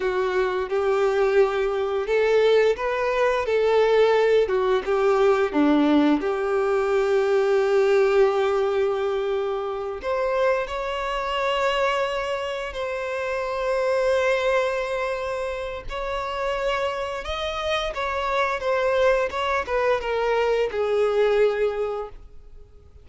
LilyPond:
\new Staff \with { instrumentName = "violin" } { \time 4/4 \tempo 4 = 87 fis'4 g'2 a'4 | b'4 a'4. fis'8 g'4 | d'4 g'2.~ | g'2~ g'8 c''4 cis''8~ |
cis''2~ cis''8 c''4.~ | c''2. cis''4~ | cis''4 dis''4 cis''4 c''4 | cis''8 b'8 ais'4 gis'2 | }